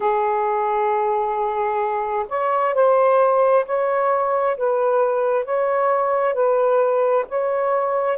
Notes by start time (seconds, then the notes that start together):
0.00 G#4
2.29 C#5
2.74 C5
3.65 C#5
4.57 B4
5.45 C#5
6.34 B4
7.28 C#5